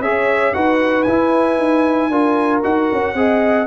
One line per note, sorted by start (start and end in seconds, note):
0.00 0.52 C#4
0.00 0.54 G#4
0.00 0.55 C#5
0.00 0.54 E5
0.54 1.07 D#4
0.54 1.06 F#4
0.54 2.10 B4
0.54 1.03 F#5
1.03 1.57 E4
1.03 2.11 E4
1.03 2.60 G#5
1.57 2.10 D#4
2.10 2.62 D4
2.10 2.63 F4
2.10 3.14 A#4
2.63 2.90 D#4
2.63 3.15 F#4
2.63 3.66 F#5
2.92 3.14 C#4
3.14 3.66 C4
3.14 3.66 G#4
3.14 3.66 D#5